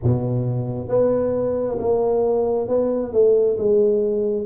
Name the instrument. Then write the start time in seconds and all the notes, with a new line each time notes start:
tuba
0.03 B2
0.88 B3
1.79 A#3
2.67 B3
3.13 A3
3.57 G#3